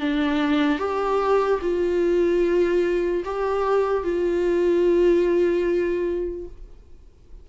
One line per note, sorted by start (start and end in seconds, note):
0.00 0.79 D4
0.79 1.60 G4
1.62 3.24 F4
3.25 4.04 G4
4.04 6.47 F4